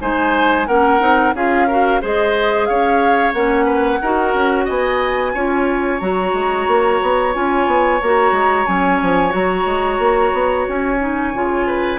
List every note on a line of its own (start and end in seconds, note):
0.00 0.67 G#3
0.00 0.67 D#4
0.00 0.67 C5
0.00 0.67 G#5
0.67 1.00 A#3
0.67 0.99 C#4
0.67 1.34 A#4
0.67 1.34 F#5
0.99 1.34 C4
0.99 1.33 D#4
1.34 2.00 C#4
1.34 1.68 F4
1.34 1.67 G#4
1.34 2.02 F5
1.67 2.01 F#4
1.67 2.01 A#4
2.01 2.69 G#3
2.01 3.34 G#4
2.01 2.68 C5
2.01 2.66 D#5
2.66 3.33 C#4
2.66 3.65 C#5
2.66 3.32 F5
3.33 4.00 A#3
3.33 4.00 C#4
3.33 4.67 F#5
3.65 3.98 B4
4.02 4.34 D#4
4.02 5.35 F#4
4.02 4.65 A#4
4.34 4.67 C#4
4.65 5.34 B3
4.65 5.32 D#5
4.65 5.99 G#5
5.34 6.01 C#4
5.34 6.00 F4
5.34 11.66 C#5
5.99 6.33 F#3
5.99 7.33 F#4
5.99 7.33 A#5
6.33 6.66 G#3
6.67 7.00 A#3
7.02 7.35 B3
7.33 7.66 C#4
7.33 8.00 F4
7.33 8.01 G#5
7.66 8.00 B3
8.01 8.32 A#3
8.01 8.66 F#4
8.01 8.66 A#5
8.32 8.65 G#3
8.66 9.01 F#3
8.66 9.29 C#4
8.66 9.32 G#5
9.02 9.33 F3
9.29 9.65 F#3
9.29 10.96 F#4
9.29 10.68 A#5
9.65 9.98 G#3
9.98 10.32 A#3
10.33 10.66 B3
10.69 11.34 C#4
10.69 11.99 G#5
11.00 11.33 D#4
11.34 11.99 C#3
11.34 11.99 F4
11.66 11.99 B4